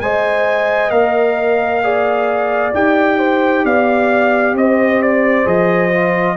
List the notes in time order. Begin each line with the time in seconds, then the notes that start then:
0.00 G#3 C5 D#5 G#5
0.90 A#3 A#4 F5
1.83 G#4 D5
2.73 D#4 G4 G5
3.18 C5
3.64 B3 D5 F5
4.53 C4 C5 D#5
5.02 D5
5.45 F3 G#4 D#5
5.91 F4